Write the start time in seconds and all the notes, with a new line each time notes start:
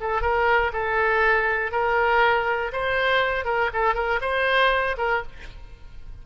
0.00 A4
0.21 A#4
0.72 A4
1.71 A#4
2.72 C5
3.45 A#4
3.73 A4
3.94 A#4
4.21 C5
4.97 A#4